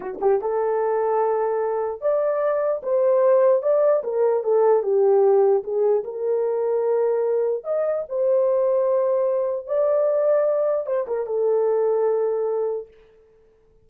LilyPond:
\new Staff \with { instrumentName = "horn" } { \time 4/4 \tempo 4 = 149 fis'8 g'8 a'2.~ | a'4 d''2 c''4~ | c''4 d''4 ais'4 a'4 | g'2 gis'4 ais'4~ |
ais'2. dis''4 | c''1 | d''2. c''8 ais'8 | a'1 | }